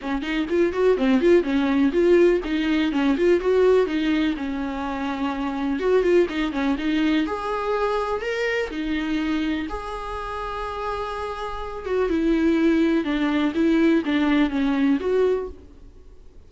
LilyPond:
\new Staff \with { instrumentName = "viola" } { \time 4/4 \tempo 4 = 124 cis'8 dis'8 f'8 fis'8 c'8 f'8 cis'4 | f'4 dis'4 cis'8 f'8 fis'4 | dis'4 cis'2. | fis'8 f'8 dis'8 cis'8 dis'4 gis'4~ |
gis'4 ais'4 dis'2 | gis'1~ | gis'8 fis'8 e'2 d'4 | e'4 d'4 cis'4 fis'4 | }